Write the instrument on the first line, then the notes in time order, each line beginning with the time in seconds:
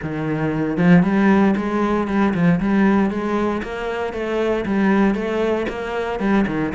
cello
0.02 D#3
0.77 F3
1.03 G3
1.56 G#3
2.07 G3
2.34 F3
2.60 G3
3.10 G#3
3.63 A#3
4.13 A3
4.65 G3
5.14 A3
5.68 A#3
6.19 G3
6.47 D#3